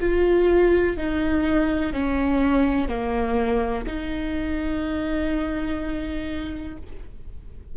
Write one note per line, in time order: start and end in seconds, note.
0.00 0.97 F4
0.97 1.93 D#4
1.93 2.88 C#4
2.88 3.85 A#3
3.87 6.77 D#4